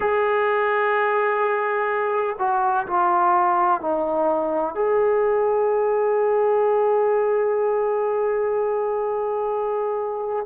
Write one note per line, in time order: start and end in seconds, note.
0.00 2.35 G#4
2.39 2.86 F#4
2.86 3.81 F4
3.81 4.74 D#4
4.74 10.45 G#4